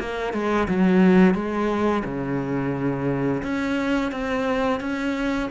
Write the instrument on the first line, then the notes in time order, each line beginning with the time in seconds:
cello
0.00 A#3
0.34 G#3
0.69 F#3
1.35 G#3
2.05 C#3
3.43 C#4
4.12 C4
4.81 C#4